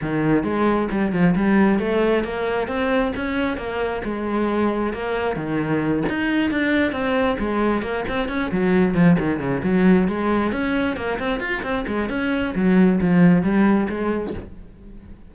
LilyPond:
\new Staff \with { instrumentName = "cello" } { \time 4/4 \tempo 4 = 134 dis4 gis4 g8 f8 g4 | a4 ais4 c'4 cis'4 | ais4 gis2 ais4 | dis4. dis'4 d'4 c'8~ |
c'8 gis4 ais8 c'8 cis'8 fis4 | f8 dis8 cis8 fis4 gis4 cis'8~ | cis'8 ais8 c'8 f'8 c'8 gis8 cis'4 | fis4 f4 g4 gis4 | }